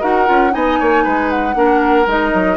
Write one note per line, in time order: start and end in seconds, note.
0.00 0.28 D#4
0.00 0.26 F#4
0.00 0.51 A#4
0.00 0.53 F#5
0.26 0.54 C#4
0.26 0.51 F4
0.51 0.80 B3
0.51 1.53 D#4
0.51 0.79 D#5
0.51 1.30 G#5
0.79 1.05 A#3
0.79 1.03 C#5
1.03 1.55 G#3
1.03 1.55 B4
1.30 2.07 F#5
1.54 2.06 A#3
1.54 2.05 D4
1.54 2.57 A#4
2.06 2.32 G#3
2.06 2.57 D#4
2.06 2.57 D#5
2.33 2.57 F#3